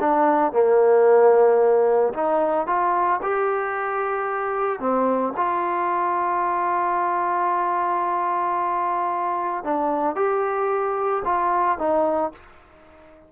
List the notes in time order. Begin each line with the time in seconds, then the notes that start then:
0.00 D4
0.53 A#3
2.14 D#4
2.67 F4
3.22 G4
4.79 C4
5.37 F4
9.64 D4
10.16 G4
11.25 F4
11.78 D#4